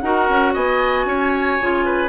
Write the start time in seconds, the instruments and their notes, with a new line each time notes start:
0.00 bassoon D#4, clarinet F#4, oboe A#4, flute F#5
0.29 bassoon C#4
0.54 bassoon B3, oboe D#5, flute G#5
1.06 bassoon C#4, oboe C#5
1.60 bassoon C#3, clarinet F4
1.85 oboe B4